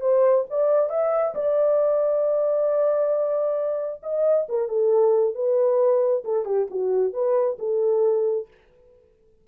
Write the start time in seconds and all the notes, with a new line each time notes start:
0.00 C5
0.49 D5
0.89 E5
1.34 D5
4.02 D#5
4.48 A#4
4.68 A4
5.34 B4
6.24 A4
6.45 G4
6.70 F#4
7.13 B4
7.58 A4